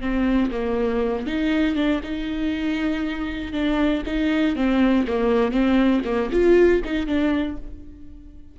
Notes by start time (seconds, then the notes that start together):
0.00 C4
0.51 A#3
1.27 D#4
1.75 D4
2.04 D#4
3.52 D4
4.06 D#4
4.56 C4
5.07 A#3
5.51 C4
6.05 A#3
6.32 F4
6.85 D#4
7.06 D4